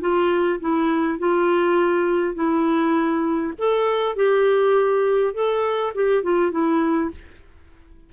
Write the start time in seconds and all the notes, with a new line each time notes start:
0.00 F4
0.60 E4
1.18 F4
2.34 E4
3.58 A4
4.16 G4
5.33 A4
5.94 G4
6.23 F4
6.51 E4